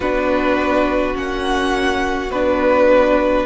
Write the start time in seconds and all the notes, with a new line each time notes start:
0.00 B3 D4 F#4 B4
1.14 A#3 C#4 F#5
2.30 B3 D4 B4